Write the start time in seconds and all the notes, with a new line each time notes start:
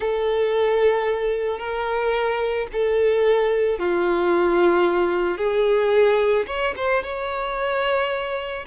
0.00 A4
1.58 A#4
2.72 A4
3.79 F4
5.37 G#4
6.46 C#5
6.76 C5
7.03 C#5